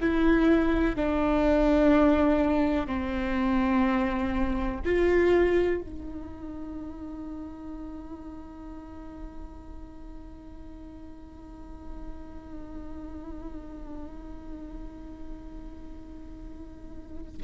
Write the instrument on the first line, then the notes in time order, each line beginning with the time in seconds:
viola
0.00 E4
0.96 D4
2.86 C4
4.84 F4
5.81 D#4